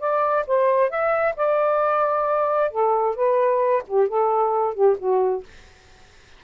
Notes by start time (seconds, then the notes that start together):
0.00 D5
0.47 C5
0.90 E5
1.36 D5
2.71 A4
3.16 B4
3.88 G4
4.08 A4
4.75 G4
4.99 F#4